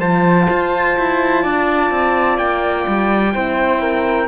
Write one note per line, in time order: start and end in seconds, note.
0.00 0.48 F3
0.00 3.33 F4
0.00 1.43 C5
0.00 2.38 A5
0.51 0.98 F4
0.99 1.45 E4
1.43 1.91 D4
1.43 3.33 D5
1.91 2.38 C4
2.38 2.86 A#3
2.38 4.28 G5
2.88 3.35 G3
3.33 4.28 C4
3.33 4.28 E4
3.33 3.82 C5
3.82 4.28 A#4